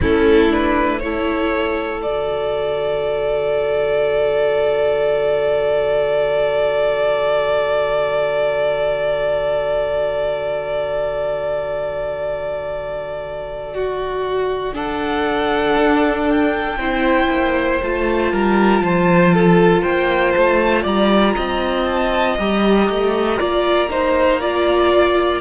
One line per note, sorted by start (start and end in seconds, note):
0.00 2.04 A3
0.00 0.50 C#4
0.00 1.02 E4
0.00 0.53 A4
0.50 1.00 D4
0.50 0.99 B4
0.99 2.04 E4
0.99 13.74 A4
0.99 2.01 C#5
2.02 15.76 D3
2.02 14.73 F#4
2.02 14.73 D5
13.74 14.74 F#4
14.73 16.76 D4
14.73 16.78 A4
14.73 16.28 F#5
15.76 16.77 D4
16.29 17.81 G5
16.77 17.28 C4
16.77 17.82 E4
16.77 18.32 C5
17.29 17.79 A#3
17.82 18.32 A3
17.82 22.38 F4
17.82 19.83 A5
18.32 18.80 G3
18.32 18.83 A#4
18.80 19.82 F3
18.80 19.34 C5
19.34 19.82 A4
19.82 20.34 A#3
19.82 20.82 C5
19.82 20.32 G5
20.32 20.84 A3
20.32 20.82 A5
20.82 21.35 G3
20.82 21.33 D5
20.82 21.85 A#5
21.35 22.38 C4
21.35 23.38 D#5
21.85 22.36 A5
22.38 22.89 G3
22.38 23.38 G4
22.38 25.41 A#5
22.89 23.40 A3
23.38 25.41 A#3
23.38 23.89 F4
23.38 23.89 D5
23.89 24.40 D#4
23.89 24.40 C5
24.40 25.41 F4
24.40 25.41 D5